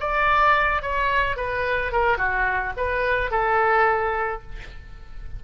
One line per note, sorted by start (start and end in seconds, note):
0.00 0.82 D5
0.82 1.36 C#5
1.36 1.92 B4
1.92 2.17 A#4
2.17 2.73 F#4
2.77 3.31 B4
3.31 4.42 A4